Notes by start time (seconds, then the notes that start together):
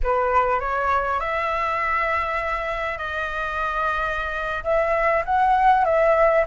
0.03 B4
0.60 C#5
1.19 E5
2.98 D#5
4.63 E5
5.25 F#5
5.84 E5